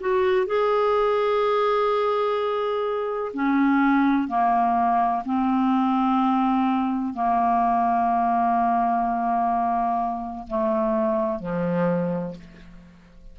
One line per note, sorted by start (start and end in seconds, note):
0.00 0.46 F#4
0.46 3.32 G#4
3.34 4.28 C#4
4.28 5.23 A#3
5.26 7.13 C4
7.13 10.47 A#3
10.47 11.40 A3
11.40 12.35 F3